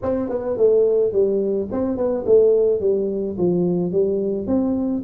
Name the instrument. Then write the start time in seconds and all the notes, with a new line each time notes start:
tuba
0.02 C4
0.29 B3
0.57 A3
1.12 G3
1.71 C4
1.97 B3
2.26 A3
2.80 G3
3.37 F3
3.92 G3
4.47 C4